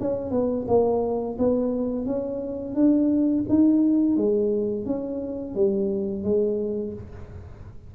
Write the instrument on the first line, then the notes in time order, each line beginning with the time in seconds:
tuba
0.00 C#4
0.31 B3
0.68 A#3
1.39 B3
2.05 C#4
2.75 D4
3.49 D#4
4.16 G#3
4.86 C#4
5.55 G3
6.24 G#3